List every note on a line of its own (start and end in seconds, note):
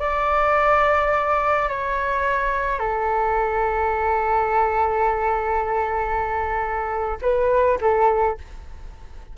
0.00 1.69 D5
1.69 2.79 C#5
2.79 7.18 A4
7.22 7.79 B4
7.81 8.38 A4